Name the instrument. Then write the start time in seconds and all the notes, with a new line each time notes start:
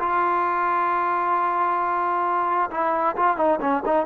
trombone
0.00 F4
2.71 E4
3.17 F4
3.37 D#4
3.61 C#4
3.86 D#4